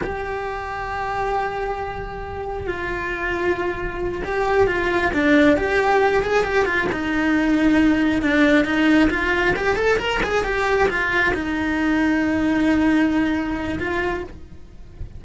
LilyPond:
\new Staff \with { instrumentName = "cello" } { \time 4/4 \tempo 4 = 135 g'1~ | g'2 f'2~ | f'4. g'4 f'4 d'8~ | d'8 g'4. gis'8 g'8 f'8 dis'8~ |
dis'2~ dis'8 d'4 dis'8~ | dis'8 f'4 g'8 a'8 ais'8 gis'8 g'8~ | g'8 f'4 dis'2~ dis'8~ | dis'2. f'4 | }